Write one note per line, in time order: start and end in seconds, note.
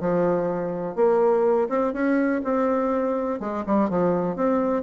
0.00 0.95 F3
0.95 1.68 A#3
1.69 1.93 C4
1.93 2.41 C#4
2.44 3.40 C4
3.40 3.64 G#3
3.66 3.89 G3
3.89 4.36 F3
4.36 4.83 C4